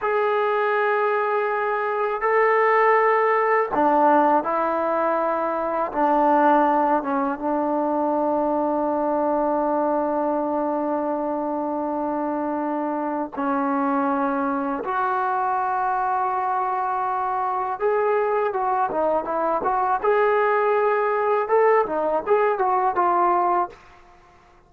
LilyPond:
\new Staff \with { instrumentName = "trombone" } { \time 4/4 \tempo 4 = 81 gis'2. a'4~ | a'4 d'4 e'2 | d'4. cis'8 d'2~ | d'1~ |
d'2 cis'2 | fis'1 | gis'4 fis'8 dis'8 e'8 fis'8 gis'4~ | gis'4 a'8 dis'8 gis'8 fis'8 f'4 | }